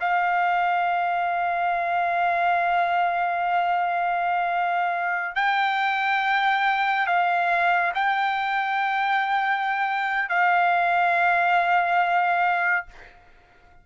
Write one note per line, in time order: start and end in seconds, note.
0.00 5.35 F5
5.35 7.06 G5
7.06 7.92 F5
7.94 10.29 G5
10.29 12.86 F5